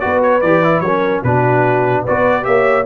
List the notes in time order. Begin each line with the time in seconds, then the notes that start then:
0.00 B3 F#4 B4 D5
0.23 C#5
0.41 E3 G4 D5
0.64 E4
0.80 F#3 A#4 C#5
0.87 C#4
1.23 B2 D4 F#4 B4
2.02 F#4 B4 D5
2.09 B3
2.43 A#3 G4 C#5 E5